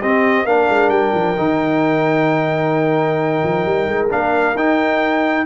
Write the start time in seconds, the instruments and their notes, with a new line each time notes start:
0.00 tuba C4, trombone C4, horn G4, trumpet D#5
0.44 tuba A#3, trombone D4, horn A#4, trumpet F5
0.69 tuba G#3
0.89 tuba G3, trumpet G5
1.13 tuba F3
1.36 tuba D#3, trombone D#4
3.43 tuba F3
3.65 tuba G3
3.88 tuba G#3
4.10 tuba A#3, trombone D4, trumpet F5
4.54 tuba D#4, trombone D#4, trumpet G5